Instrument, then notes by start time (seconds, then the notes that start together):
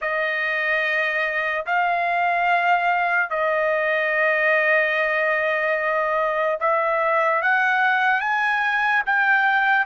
trumpet
0.01 D#5
1.66 F5
3.30 D#5
6.60 E5
7.42 F#5
8.20 G#5
9.06 G5